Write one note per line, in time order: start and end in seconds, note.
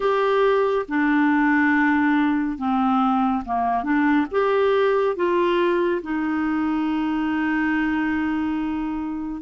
0.00 0.86 G4
0.88 2.58 D4
2.58 3.43 C4
3.45 3.83 A#3
3.83 4.26 D4
4.31 5.15 G4
5.15 6.01 F4
6.02 9.42 D#4